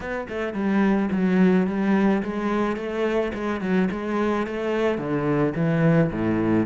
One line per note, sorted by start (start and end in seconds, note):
0.00 0.27 B3
0.28 0.53 A3
0.53 1.09 G3
1.11 1.66 F#3
1.66 2.22 G3
2.22 2.76 G#3
2.76 3.32 A3
3.34 3.60 G#3
3.60 3.88 F#3
3.91 4.46 G#3
4.46 4.98 A3
4.98 5.53 D3
5.55 6.10 E3
6.12 6.66 A2